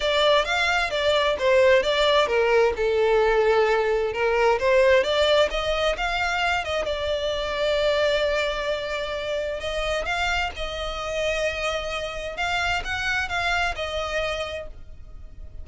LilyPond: \new Staff \with { instrumentName = "violin" } { \time 4/4 \tempo 4 = 131 d''4 f''4 d''4 c''4 | d''4 ais'4 a'2~ | a'4 ais'4 c''4 d''4 | dis''4 f''4. dis''8 d''4~ |
d''1~ | d''4 dis''4 f''4 dis''4~ | dis''2. f''4 | fis''4 f''4 dis''2 | }